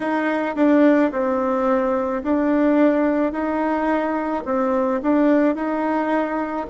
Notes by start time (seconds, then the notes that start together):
0.00 D#4
0.56 D4
1.11 C4
2.23 D4
3.32 D#4
4.45 C4
5.02 D4
5.55 D#4